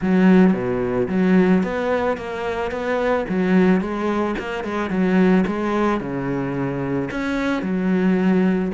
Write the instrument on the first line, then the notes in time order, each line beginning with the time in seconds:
cello
0.01 F#3
0.53 B2
1.08 F#3
1.63 B3
2.17 A#3
2.71 B3
3.29 F#3
3.80 G#3
4.39 A#3
4.64 G#3
4.89 F#3
5.46 G#3
6.00 C#3
7.11 C#4
7.62 F#3